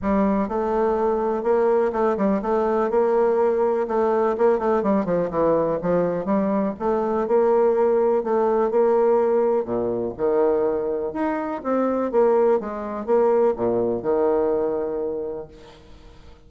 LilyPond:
\new Staff \with { instrumentName = "bassoon" } { \time 4/4 \tempo 4 = 124 g4 a2 ais4 | a8 g8 a4 ais2 | a4 ais8 a8 g8 f8 e4 | f4 g4 a4 ais4~ |
ais4 a4 ais2 | ais,4 dis2 dis'4 | c'4 ais4 gis4 ais4 | ais,4 dis2. | }